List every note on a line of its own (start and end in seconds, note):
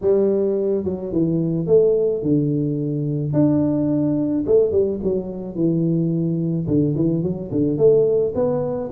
0.01 0.84 G3
0.84 1.12 F#3
1.12 1.67 E3
1.67 2.22 A3
2.22 3.33 D3
3.33 4.44 D4
4.46 4.71 A3
4.71 4.99 G3
5.03 5.55 F#3
5.55 6.66 E3
6.67 6.95 D3
6.95 7.22 E3
7.22 7.50 F#3
7.51 7.77 D3
7.77 8.33 A3
8.34 8.90 B3